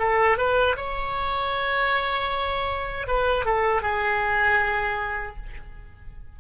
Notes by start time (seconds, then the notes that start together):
0.00 A4
0.38 B4
0.77 C#5
3.08 B4
3.46 A4
3.83 G#4